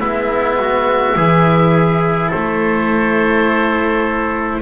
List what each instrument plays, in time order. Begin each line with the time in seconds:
0.00 double bass G#3, cello B3, trumpet E4, oboe E5
0.60 trumpet F#4
1.16 double bass E3, cello E4, trumpet G#4
2.29 double bass A3, trumpet A4, oboe C5